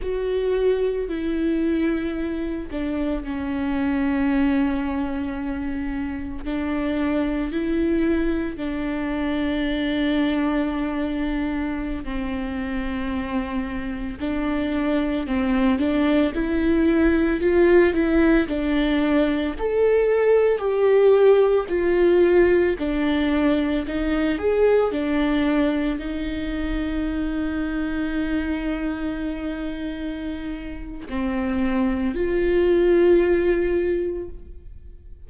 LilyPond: \new Staff \with { instrumentName = "viola" } { \time 4/4 \tempo 4 = 56 fis'4 e'4. d'8 cis'4~ | cis'2 d'4 e'4 | d'2.~ d'16 c'8.~ | c'4~ c'16 d'4 c'8 d'8 e'8.~ |
e'16 f'8 e'8 d'4 a'4 g'8.~ | g'16 f'4 d'4 dis'8 gis'8 d'8.~ | d'16 dis'2.~ dis'8.~ | dis'4 c'4 f'2 | }